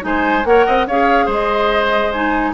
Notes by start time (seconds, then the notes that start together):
0.00 G#3 D#4 C5 G#5
0.44 A#3 A#4 C#5 F#5
0.66 C4 D#5
0.87 C#4 G#4 C#5 F5
1.25 G#3 C5
1.31 D#5
2.12 D#4 G#5